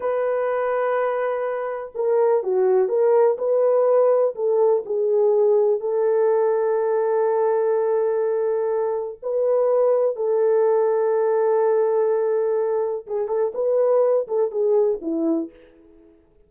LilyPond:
\new Staff \with { instrumentName = "horn" } { \time 4/4 \tempo 4 = 124 b'1 | ais'4 fis'4 ais'4 b'4~ | b'4 a'4 gis'2 | a'1~ |
a'2. b'4~ | b'4 a'2.~ | a'2. gis'8 a'8 | b'4. a'8 gis'4 e'4 | }